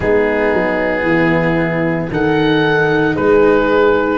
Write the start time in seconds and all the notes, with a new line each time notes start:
0.00 G#3 B3 D#4 G#4
0.53 F#3
1.02 E3
1.08 E4
2.11 D#3 D#4 A4 F#5
3.13 G#3 G#4 B4